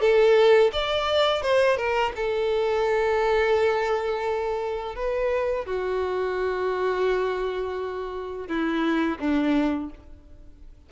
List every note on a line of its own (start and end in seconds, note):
0.00 0.71 A4
0.72 1.42 D5
1.42 1.76 C5
1.76 2.12 A#4
2.16 4.95 A4
4.95 5.65 B4
5.66 8.47 F#4
8.47 9.18 E4
9.19 9.90 D4